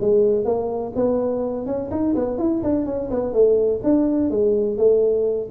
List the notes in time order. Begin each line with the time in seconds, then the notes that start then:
0.00 G#3
0.44 A#3
0.95 B3
1.66 C#4
1.90 D#4
2.15 B3
2.38 E4
2.63 D4
2.85 C#4
3.10 B3
3.33 A3
3.83 D4
4.30 G#3
4.77 A3